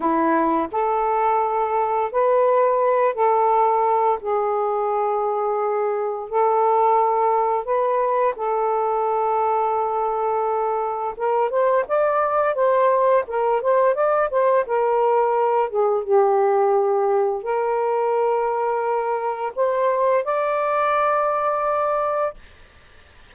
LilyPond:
\new Staff \with { instrumentName = "saxophone" } { \time 4/4 \tempo 4 = 86 e'4 a'2 b'4~ | b'8 a'4. gis'2~ | gis'4 a'2 b'4 | a'1 |
ais'8 c''8 d''4 c''4 ais'8 c''8 | d''8 c''8 ais'4. gis'8 g'4~ | g'4 ais'2. | c''4 d''2. | }